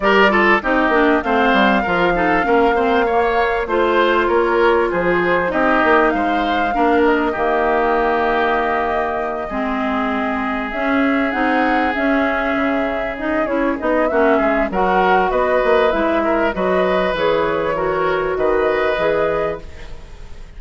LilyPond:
<<
  \new Staff \with { instrumentName = "flute" } { \time 4/4 \tempo 4 = 98 d''4 dis''4 f''2~ | f''2 c''4 cis''4 | c''4 dis''4 f''4. dis''8~ | dis''1~ |
dis''4. e''4 fis''4 e''8~ | e''4. dis''8 cis''8 dis''8 e''4 | fis''4 dis''4 e''4 dis''4 | cis''2 dis''2 | }
  \new Staff \with { instrumentName = "oboe" } { \time 4/4 ais'8 a'8 g'4 c''4 ais'8 a'8 | ais'8 c''8 cis''4 c''4 ais'4 | gis'4 g'4 c''4 ais'4 | g'2.~ g'8 gis'8~ |
gis'1~ | gis'2. fis'8 gis'8 | ais'4 b'4. ais'8 b'4~ | b'4 ais'4 b'2 | }
  \new Staff \with { instrumentName = "clarinet" } { \time 4/4 g'8 f'8 dis'8 d'8 c'4 f'8 dis'8 | cis'8 c'8 ais4 f'2~ | f'4 dis'2 d'4 | ais2.~ ais8 c'8~ |
c'4. cis'4 dis'4 cis'8~ | cis'4. dis'8 e'8 dis'8 cis'4 | fis'2 e'4 fis'4 | gis'4 fis'2 gis'4 | }
  \new Staff \with { instrumentName = "bassoon" } { \time 4/4 g4 c'8 ais8 a8 g8 f4 | ais2 a4 ais4 | f4 c'8 ais8 gis4 ais4 | dis2.~ dis8 gis8~ |
gis4. cis'4 c'4 cis'8~ | cis'8 cis4. cis'8 b8 ais8 gis8 | fis4 b8 ais8 gis4 fis4 | e2 dis4 e4 | }
>>